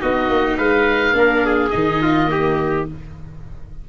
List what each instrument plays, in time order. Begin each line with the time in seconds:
0.00 tuba B3, viola D#4, trumpet F#4, oboe D#5
0.28 tuba A#3
0.57 tuba G#3, trumpet B4, oboe F5
1.13 tuba A#3, viola D4, trumpet A#4
1.46 trumpet G#4
1.70 tuba D#3, viola D#4, oboe D#5
2.02 trumpet F4
2.27 viola A#3, trumpet G4